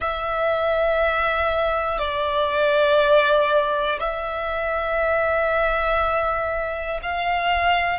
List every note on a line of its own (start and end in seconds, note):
0.00 1.98 E5
1.98 3.98 D5
4.00 7.00 E5
7.02 7.99 F5